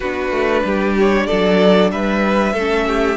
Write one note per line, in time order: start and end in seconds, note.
0.00 0.30 B3
0.00 2.57 D4
0.00 0.62 F#4
0.00 0.93 B4
0.30 0.62 A3
0.64 1.28 G3
0.64 1.26 G4
0.99 1.26 C#5
1.26 1.91 F#3
1.26 1.90 A4
1.26 1.90 D5
1.91 2.53 G3
1.91 2.53 B4
1.91 3.16 E5
2.53 3.16 A3
2.53 3.16 C#4
2.53 2.85 A4
2.87 3.16 G4